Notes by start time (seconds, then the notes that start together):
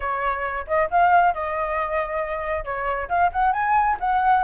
0.00 C#5
0.67 D#5
0.90 F5
1.34 D#5
2.64 C#5
3.09 F5
3.32 F#5
3.53 G#5
3.99 F#5